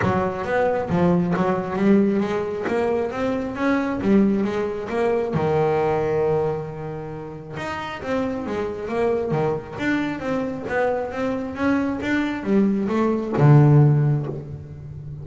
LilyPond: \new Staff \with { instrumentName = "double bass" } { \time 4/4 \tempo 4 = 135 fis4 b4 f4 fis4 | g4 gis4 ais4 c'4 | cis'4 g4 gis4 ais4 | dis1~ |
dis4 dis'4 c'4 gis4 | ais4 dis4 d'4 c'4 | b4 c'4 cis'4 d'4 | g4 a4 d2 | }